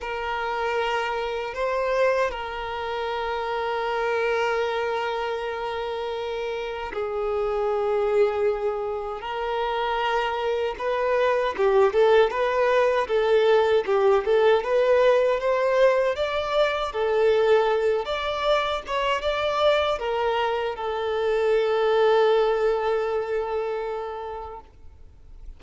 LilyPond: \new Staff \with { instrumentName = "violin" } { \time 4/4 \tempo 4 = 78 ais'2 c''4 ais'4~ | ais'1~ | ais'4 gis'2. | ais'2 b'4 g'8 a'8 |
b'4 a'4 g'8 a'8 b'4 | c''4 d''4 a'4. d''8~ | d''8 cis''8 d''4 ais'4 a'4~ | a'1 | }